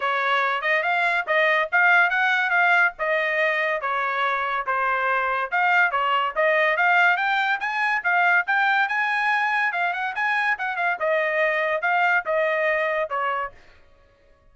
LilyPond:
\new Staff \with { instrumentName = "trumpet" } { \time 4/4 \tempo 4 = 142 cis''4. dis''8 f''4 dis''4 | f''4 fis''4 f''4 dis''4~ | dis''4 cis''2 c''4~ | c''4 f''4 cis''4 dis''4 |
f''4 g''4 gis''4 f''4 | g''4 gis''2 f''8 fis''8 | gis''4 fis''8 f''8 dis''2 | f''4 dis''2 cis''4 | }